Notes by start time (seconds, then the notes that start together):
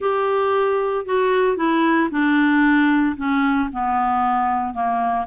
0.00 G4
1.05 F#4
1.56 E4
2.11 D4
3.16 C#4
3.72 B3
4.73 A#3